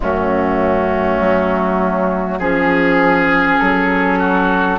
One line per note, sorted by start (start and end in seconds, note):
0.00 1.20 F#2
0.00 2.40 A3
0.00 2.38 C#4
0.00 2.40 F#4
1.20 2.39 F#3
2.38 3.59 F3
2.38 4.79 C#4
2.38 4.18 G#4
2.38 3.59 G#4
3.59 4.79 F#3
3.59 4.79 A4
4.18 4.78 F#4